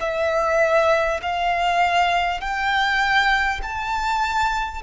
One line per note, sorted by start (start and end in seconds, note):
0.00 1.20 E5
1.22 2.40 F5
2.40 3.60 G5
3.62 4.82 A5